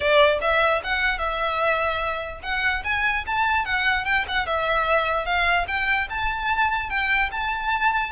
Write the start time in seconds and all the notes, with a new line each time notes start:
0.00 D5
0.41 E5
0.83 F#5
1.18 E5
2.42 F#5
2.84 G#5
3.26 A5
3.65 F#5
4.04 G5
4.28 F#5
4.46 E5
5.25 F5
5.67 G5
6.09 A5
6.89 G5
7.31 A5